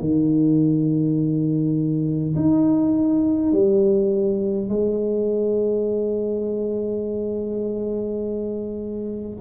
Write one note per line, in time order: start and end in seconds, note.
0.00 2.35 D#3
2.35 3.52 D#4
3.52 4.69 G3
4.69 9.40 G#3